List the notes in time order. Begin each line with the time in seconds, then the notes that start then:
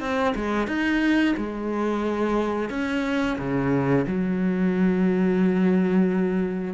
0.00 C4
0.35 G#3
0.67 D#4
1.37 G#3
2.70 C#4
3.38 C#3
4.07 F#3